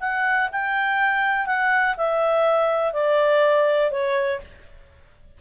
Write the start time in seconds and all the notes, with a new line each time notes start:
0.00 F#5
0.51 G5
1.46 F#5
1.96 E5
2.93 D5
3.91 C#5